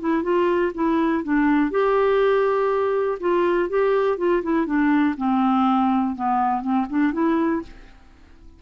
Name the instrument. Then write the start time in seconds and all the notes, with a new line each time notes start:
clarinet
0.00 E4
0.23 F4
0.74 E4
1.23 D4
1.71 G4
3.20 F4
3.69 G4
4.18 F4
4.43 E4
4.66 D4
5.17 C4
6.16 B3
6.61 C4
6.90 D4
7.13 E4